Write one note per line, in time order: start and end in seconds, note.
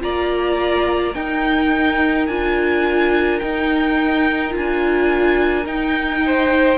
0.00 1.15 A#3
0.00 1.13 F4
0.00 1.16 D5
0.00 1.14 A#5
1.14 2.27 D#4
1.14 2.28 D#4
1.14 6.25 A#4
1.14 2.26 G5
2.26 3.40 D4
2.26 3.42 F4
2.26 3.39 G#5
3.39 4.50 D#4
3.39 4.55 D#4
3.39 4.53 G5
4.50 5.66 D4
4.50 5.64 F4
4.50 5.67 G#5
5.66 6.78 D#4
5.66 6.78 G5
6.26 6.78 C5